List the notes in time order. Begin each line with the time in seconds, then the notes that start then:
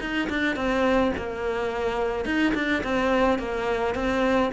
0.00 D#4
0.29 D4
0.56 C4
1.16 A#3
2.25 D#4
2.54 D4
2.83 C4
3.38 A#3
3.94 C4